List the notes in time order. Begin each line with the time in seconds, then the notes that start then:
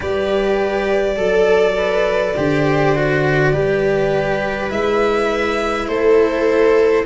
0.00 G3 G4 B4 D5
1.16 F#3 A4
1.77 B4
2.35 D3 G4 C5
2.95 F#4
3.52 G3 G4 B4
4.69 G#3 E4 E5
5.87 A3 A4 C5